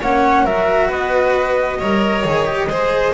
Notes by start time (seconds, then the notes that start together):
0.00 A#3 C#4 C#5 F#5
0.44 F#3 F#4 A#4 E5
0.88 B3 B4 D#5
1.78 G3 A#4 C#5
2.24 D#3 G#4
2.45 G4
2.66 G#3 G#4 C5